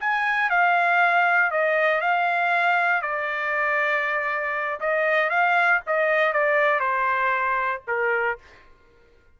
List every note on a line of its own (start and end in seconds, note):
0.00 0.49 G#5
0.49 1.50 F5
1.50 2.01 D#5
2.01 3.01 F5
3.01 4.79 D5
4.80 5.29 D#5
5.29 5.80 F5
5.86 6.33 D#5
6.33 6.79 D5
6.79 7.81 C5
7.87 8.38 A#4